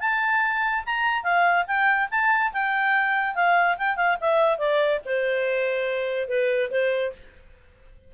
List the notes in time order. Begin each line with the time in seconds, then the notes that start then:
0.00 A5
0.86 A#5
1.24 F5
1.67 G5
2.11 A5
2.53 G5
3.35 F5
3.78 G5
3.96 F5
4.21 E5
4.58 D5
5.05 C5
6.28 B4
6.71 C5